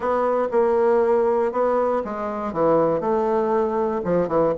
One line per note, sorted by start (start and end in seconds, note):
0.00 0.48 B3
0.51 1.52 A#3
1.52 2.02 B3
2.04 2.52 G#3
2.52 3.00 E3
3.00 4.01 A3
4.04 4.27 F3
4.27 4.53 E3